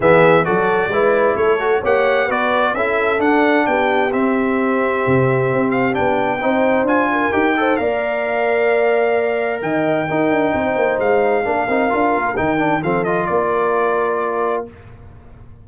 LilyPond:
<<
  \new Staff \with { instrumentName = "trumpet" } { \time 4/4 \tempo 4 = 131 e''4 d''2 cis''4 | fis''4 d''4 e''4 fis''4 | g''4 e''2.~ | e''8 f''8 g''2 gis''4 |
g''4 f''2.~ | f''4 g''2. | f''2. g''4 | f''8 dis''8 d''2. | }
  \new Staff \with { instrumentName = "horn" } { \time 4/4 gis'4 a'4 b'4 a'4 | cis''4 b'4 a'2 | g'1~ | g'2 c''4. ais'8~ |
ais'8 c''8 d''2.~ | d''4 dis''4 ais'4 c''4~ | c''4 ais'2. | a'4 ais'2. | }
  \new Staff \with { instrumentName = "trombone" } { \time 4/4 b4 fis'4 e'4. fis'8 | g'4 fis'4 e'4 d'4~ | d'4 c'2.~ | c'4 d'4 dis'4 f'4 |
g'8 a'8 ais'2.~ | ais'2 dis'2~ | dis'4 d'8 dis'8 f'4 dis'8 d'8 | c'8 f'2.~ f'8 | }
  \new Staff \with { instrumentName = "tuba" } { \time 4/4 e4 fis4 gis4 a4 | ais4 b4 cis'4 d'4 | b4 c'2 c4 | c'4 b4 c'4 d'4 |
dis'4 ais2.~ | ais4 dis4 dis'8 d'8 c'8 ais8 | gis4 ais8 c'8 d'8 ais8 dis4 | f4 ais2. | }
>>